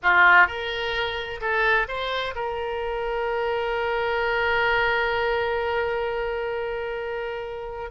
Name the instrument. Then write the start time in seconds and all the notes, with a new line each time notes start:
oboe
0.02 F4
0.47 A#4
1.40 A4
1.88 C5
2.35 A#4